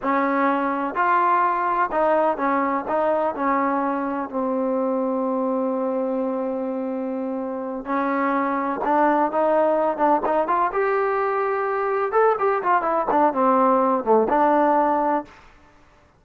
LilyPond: \new Staff \with { instrumentName = "trombone" } { \time 4/4 \tempo 4 = 126 cis'2 f'2 | dis'4 cis'4 dis'4 cis'4~ | cis'4 c'2.~ | c'1~ |
c'8 cis'2 d'4 dis'8~ | dis'4 d'8 dis'8 f'8 g'4.~ | g'4. a'8 g'8 f'8 e'8 d'8 | c'4. a8 d'2 | }